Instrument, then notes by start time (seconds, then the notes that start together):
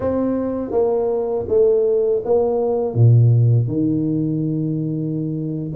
tuba
0.00 C4
0.71 A#3
1.48 A3
2.24 A#3
2.94 A#2
3.67 D#3